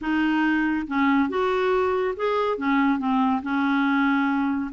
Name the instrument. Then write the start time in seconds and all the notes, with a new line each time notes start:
clarinet
0.01 D#4
0.87 C#4
1.29 F#4
2.16 G#4
2.57 C#4
2.98 C4
3.42 C#4